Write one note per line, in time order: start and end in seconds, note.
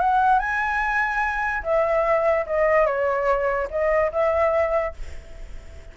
0.00 0.40 F#5
0.40 1.63 G#5
1.64 2.46 E5
2.47 2.86 D#5
2.86 3.69 C#5
3.71 4.12 D#5
4.12 4.95 E5